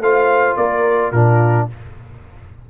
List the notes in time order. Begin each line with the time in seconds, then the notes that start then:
0.00 A3 F4 C5 F5
0.56 A#3 A#4 D5
1.11 A#2 D4 F4 A#4